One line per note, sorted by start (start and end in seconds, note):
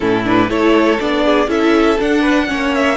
0.00 0.49 A2
0.00 0.24 C#4
0.00 0.49 E4
0.00 0.25 A4
0.24 0.48 D4
0.24 0.50 B4
0.48 0.98 A3
0.48 0.97 E4
0.48 1.24 A4
0.48 1.00 C#5
0.99 1.47 B3
0.99 1.47 D4
0.99 1.49 D5
1.24 1.49 G#4
1.47 1.96 C#4
1.47 1.97 E4
1.47 2.20 A4
1.47 2.00 E5
1.99 2.47 D4
1.99 2.50 D4
1.99 2.74 F#5
2.20 2.45 B4
2.47 2.96 A#3
2.47 2.96 C#4
2.47 2.96 C#5
2.74 2.96 E5